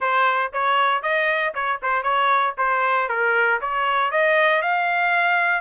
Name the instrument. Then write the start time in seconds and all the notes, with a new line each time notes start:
trumpet
0.00 C5
0.53 C#5
1.02 D#5
1.54 C#5
1.82 C5
2.03 C#5
2.57 C5
3.08 A#4
3.61 C#5
4.11 D#5
4.62 F5